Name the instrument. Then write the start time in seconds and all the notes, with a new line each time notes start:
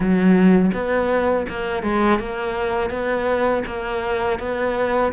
cello
0.00 F#3
0.73 B3
1.49 A#3
1.82 G#3
2.19 A#3
2.89 B3
3.66 A#3
4.39 B3